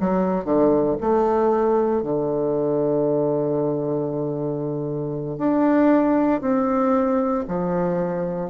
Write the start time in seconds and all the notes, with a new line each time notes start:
0.00 F#3
0.44 D3
1.00 A3
2.03 D3
5.37 D4
6.41 C4
7.48 F3